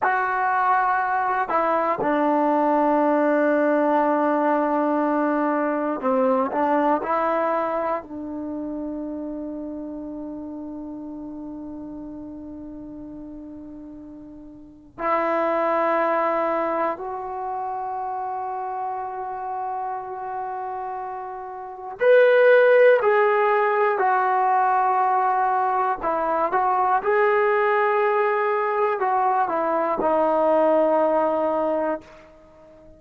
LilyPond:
\new Staff \with { instrumentName = "trombone" } { \time 4/4 \tempo 4 = 60 fis'4. e'8 d'2~ | d'2 c'8 d'8 e'4 | d'1~ | d'2. e'4~ |
e'4 fis'2.~ | fis'2 b'4 gis'4 | fis'2 e'8 fis'8 gis'4~ | gis'4 fis'8 e'8 dis'2 | }